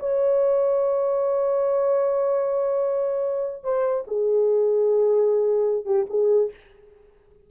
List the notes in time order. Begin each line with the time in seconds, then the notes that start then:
0.00 C#5
3.64 C5
4.07 G#4
5.85 G4
6.10 G#4